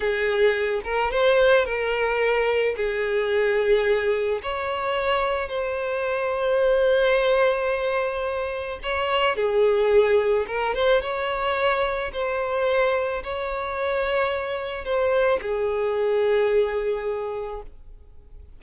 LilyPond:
\new Staff \with { instrumentName = "violin" } { \time 4/4 \tempo 4 = 109 gis'4. ais'8 c''4 ais'4~ | ais'4 gis'2. | cis''2 c''2~ | c''1 |
cis''4 gis'2 ais'8 c''8 | cis''2 c''2 | cis''2. c''4 | gis'1 | }